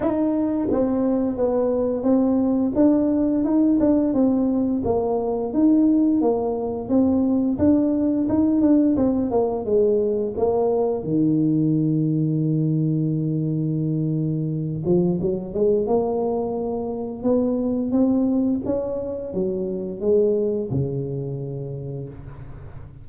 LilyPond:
\new Staff \with { instrumentName = "tuba" } { \time 4/4 \tempo 4 = 87 dis'4 c'4 b4 c'4 | d'4 dis'8 d'8 c'4 ais4 | dis'4 ais4 c'4 d'4 | dis'8 d'8 c'8 ais8 gis4 ais4 |
dis1~ | dis4. f8 fis8 gis8 ais4~ | ais4 b4 c'4 cis'4 | fis4 gis4 cis2 | }